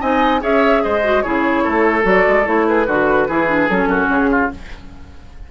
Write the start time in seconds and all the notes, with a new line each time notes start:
0.00 C4 D#4 D#5 G#5
0.40 C#4 G#4 C#5 E5
0.83 G#3 C5 D#5
1.03 F#4
1.22 C#3 E4 G#4 C#5
1.63 A3 A4
2.02 F#3 F#4 D5
2.28 G#3
2.45 A3 E4 C#5
2.67 G#4 B4
2.86 D3 F#4
3.28 E3 E4 G#4
3.48 D4
3.67 F#3 C#4 A4
3.86 F#2 F#4
4.08 C#3 G#4
4.30 F4